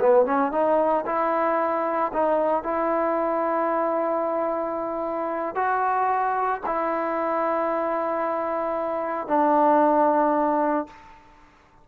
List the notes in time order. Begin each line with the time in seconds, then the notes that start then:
0.00 B3
0.26 C#4
0.52 D#4
1.06 E4
2.13 D#4
2.63 E4
5.55 F#4
6.66 E4
9.28 D4